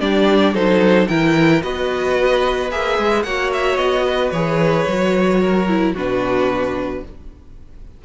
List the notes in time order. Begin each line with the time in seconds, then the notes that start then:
0.00 G3 D4 G4 D5
0.53 F#3 D#4 A4 C5
1.07 E3 E4 A#4 G5
1.61 B3 F#4 B4 D#5
2.71 A#3 G#4 E5
2.98 G#3
3.23 A#3 F#4 C#5 F#5
3.53 E5
3.76 B3 D#5
4.05 B4
4.30 E3 G#4 C#5
4.87 F#3 F#4
5.41 A#4
5.68 E4
5.93 B2 D4 F#4 B4